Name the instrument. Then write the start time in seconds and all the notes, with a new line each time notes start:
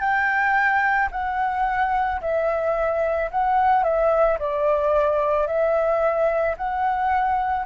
flute
0.00 G5
1.12 F#5
2.21 E5
3.31 F#5
3.83 E5
4.39 D5
5.47 E5
6.57 F#5